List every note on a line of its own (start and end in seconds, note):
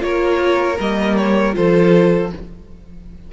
0.00 0.78 A#3
0.00 0.76 F4
0.00 1.56 A#4
0.00 0.79 C#5
0.80 1.56 G3
0.80 1.53 A#3
0.80 1.17 D#5
1.17 1.55 C#5
1.53 2.33 F3
1.53 2.29 F4
1.53 2.32 A4
1.53 2.32 C5